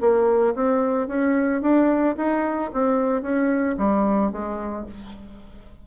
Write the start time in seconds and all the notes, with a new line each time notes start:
0.00 A#3
0.55 C4
1.07 C#4
1.61 D4
2.17 D#4
2.73 C4
3.22 C#4
3.78 G3
4.32 G#3